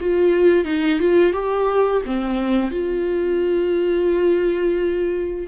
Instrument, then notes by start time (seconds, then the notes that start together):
viola
0.00 F4
0.65 D#4
0.99 F4
1.33 G4
2.06 C4
2.71 F4